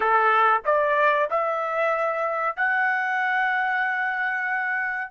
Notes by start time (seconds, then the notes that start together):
0.00 A4
0.65 D5
1.30 E5
2.56 F#5